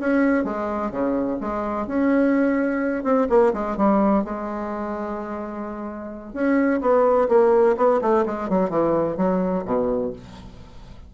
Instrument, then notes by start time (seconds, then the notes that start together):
bassoon
0.00 C#4
0.44 G#3
0.91 C#3
1.41 G#3
1.87 C#4
3.04 C4
3.30 A#3
3.53 G#3
3.77 G3
4.24 G#3
6.33 C#4
6.81 B3
7.29 A#3
7.77 B3
8.01 A3
8.26 G#3
8.50 F#3
8.70 E3
9.17 F#3
9.65 B2